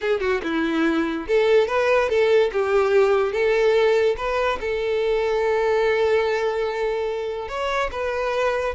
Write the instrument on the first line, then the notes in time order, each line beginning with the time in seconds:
violin
0.01 G#4
0.20 F#4
0.43 E4
1.27 A4
1.67 B4
2.09 A4
2.52 G4
3.32 A4
4.17 B4
4.60 A4
7.48 C#5
7.91 B4